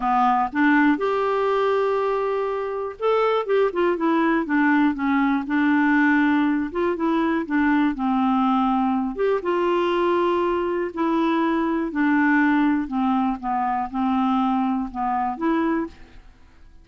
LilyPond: \new Staff \with { instrumentName = "clarinet" } { \time 4/4 \tempo 4 = 121 b4 d'4 g'2~ | g'2 a'4 g'8 f'8 | e'4 d'4 cis'4 d'4~ | d'4. f'8 e'4 d'4 |
c'2~ c'8 g'8 f'4~ | f'2 e'2 | d'2 c'4 b4 | c'2 b4 e'4 | }